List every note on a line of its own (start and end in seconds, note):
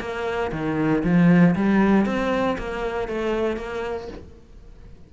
0.00 0.51 A#3
0.52 1.03 D#3
1.04 1.55 F3
1.55 2.05 G3
2.05 2.57 C4
2.58 3.08 A#3
3.08 3.56 A3
3.56 4.08 A#3